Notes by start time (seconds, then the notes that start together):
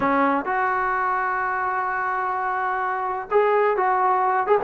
0.00 C#4
0.45 F#4
3.30 G#4
3.76 F#4
4.46 G#4